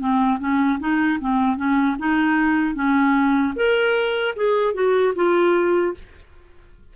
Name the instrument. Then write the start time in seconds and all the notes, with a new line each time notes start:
clarinet
0.00 C4
0.40 C#4
0.80 D#4
1.21 C4
1.57 C#4
2.00 D#4
2.75 C#4
3.56 A#4
4.36 G#4
4.74 F#4
5.16 F4